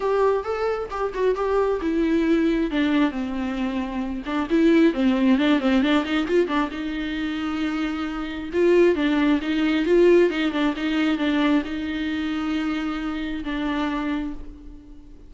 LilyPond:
\new Staff \with { instrumentName = "viola" } { \time 4/4 \tempo 4 = 134 g'4 a'4 g'8 fis'8 g'4 | e'2 d'4 c'4~ | c'4. d'8 e'4 c'4 | d'8 c'8 d'8 dis'8 f'8 d'8 dis'4~ |
dis'2. f'4 | d'4 dis'4 f'4 dis'8 d'8 | dis'4 d'4 dis'2~ | dis'2 d'2 | }